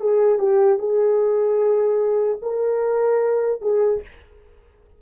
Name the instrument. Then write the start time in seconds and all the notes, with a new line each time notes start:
horn
0.00 G#4
0.38 G4
0.79 G#4
2.42 A#4
3.61 G#4